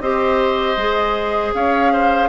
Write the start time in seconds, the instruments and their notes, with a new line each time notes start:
0.00 bassoon C4, clarinet G4, oboe C5, flute D#5
0.77 bassoon G#3, clarinet G#4
1.54 bassoon C#4, oboe C#5, flute F5
1.92 oboe C5